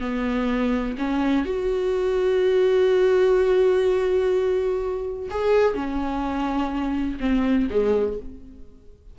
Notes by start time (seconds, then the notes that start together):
0.00 B3
0.98 C#4
1.46 F#4
5.30 G#4
5.74 C#4
7.20 C4
7.71 G#3